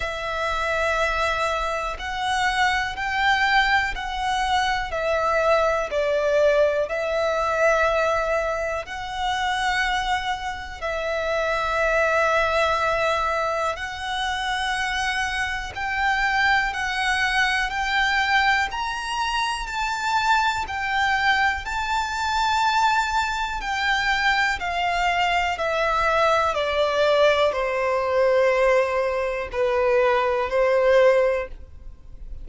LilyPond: \new Staff \with { instrumentName = "violin" } { \time 4/4 \tempo 4 = 61 e''2 fis''4 g''4 | fis''4 e''4 d''4 e''4~ | e''4 fis''2 e''4~ | e''2 fis''2 |
g''4 fis''4 g''4 ais''4 | a''4 g''4 a''2 | g''4 f''4 e''4 d''4 | c''2 b'4 c''4 | }